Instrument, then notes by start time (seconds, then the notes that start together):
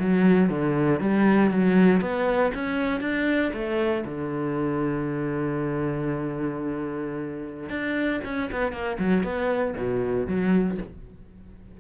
cello
0.00 F#3
0.50 D3
1.00 G3
1.51 F#3
2.01 B3
2.54 C#4
3.01 D4
3.54 A3
4.05 D3
7.70 D4
8.25 C#4
8.52 B3
8.72 A#3
9.00 F#3
9.24 B3
9.78 B2
10.27 F#3